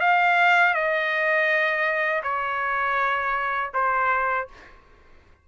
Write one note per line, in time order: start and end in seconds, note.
0.00 0.74 F5
0.74 2.22 D#5
2.23 3.71 C#5
3.74 4.48 C5